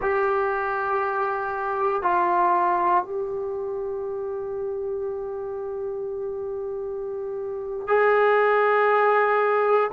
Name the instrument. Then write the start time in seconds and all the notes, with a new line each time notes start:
trombone
0.01 G4
2.02 F4
3.04 G4
7.87 G#4